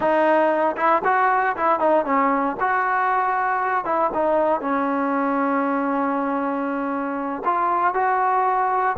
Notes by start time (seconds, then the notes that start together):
0.00 D#4
0.76 E4
1.04 F#4
1.56 E4
1.79 D#4
2.05 C#4
2.59 F#4
3.85 E4
4.14 D#4
4.60 C#4
7.45 F4
7.93 F#4